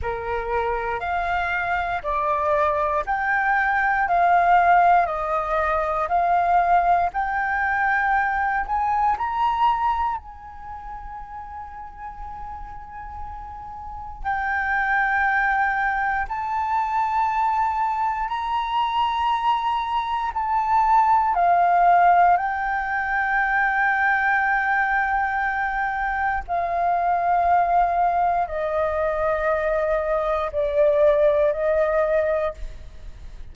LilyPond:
\new Staff \with { instrumentName = "flute" } { \time 4/4 \tempo 4 = 59 ais'4 f''4 d''4 g''4 | f''4 dis''4 f''4 g''4~ | g''8 gis''8 ais''4 gis''2~ | gis''2 g''2 |
a''2 ais''2 | a''4 f''4 g''2~ | g''2 f''2 | dis''2 d''4 dis''4 | }